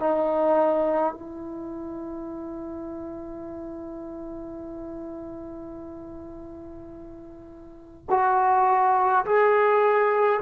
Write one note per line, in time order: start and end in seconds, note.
0.00 1.14 D#4
1.14 8.06 E4
8.10 9.25 F#4
9.26 10.41 G#4